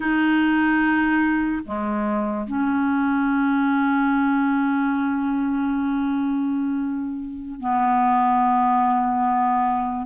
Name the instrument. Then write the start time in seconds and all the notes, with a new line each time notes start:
clarinet
0.00 D#4
1.64 G#3
2.47 C#4
7.60 B3